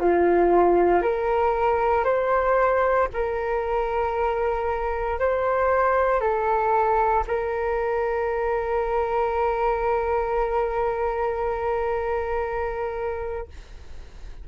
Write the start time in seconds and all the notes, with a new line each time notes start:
0.00 F4
1.02 A#4
2.05 C5
3.13 A#4
5.20 C5
6.21 A4
7.27 A#4